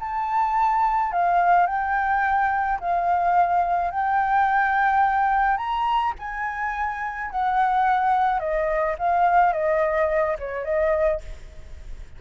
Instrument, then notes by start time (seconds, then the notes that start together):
flute
0.00 A5
1.12 F5
1.67 G5
2.80 F5
3.91 G5
5.57 A#5
6.19 G#5
7.31 F#5
8.40 D#5
8.99 F5
9.53 D#5
10.39 C#5
10.65 D#5